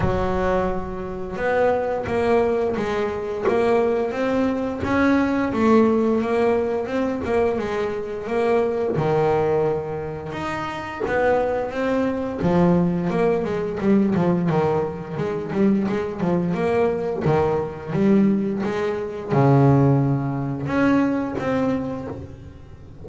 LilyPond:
\new Staff \with { instrumentName = "double bass" } { \time 4/4 \tempo 4 = 87 fis2 b4 ais4 | gis4 ais4 c'4 cis'4 | a4 ais4 c'8 ais8 gis4 | ais4 dis2 dis'4 |
b4 c'4 f4 ais8 gis8 | g8 f8 dis4 gis8 g8 gis8 f8 | ais4 dis4 g4 gis4 | cis2 cis'4 c'4 | }